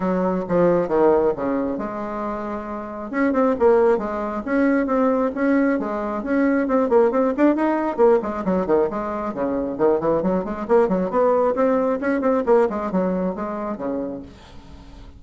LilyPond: \new Staff \with { instrumentName = "bassoon" } { \time 4/4 \tempo 4 = 135 fis4 f4 dis4 cis4 | gis2. cis'8 c'8 | ais4 gis4 cis'4 c'4 | cis'4 gis4 cis'4 c'8 ais8 |
c'8 d'8 dis'4 ais8 gis8 fis8 dis8 | gis4 cis4 dis8 e8 fis8 gis8 | ais8 fis8 b4 c'4 cis'8 c'8 | ais8 gis8 fis4 gis4 cis4 | }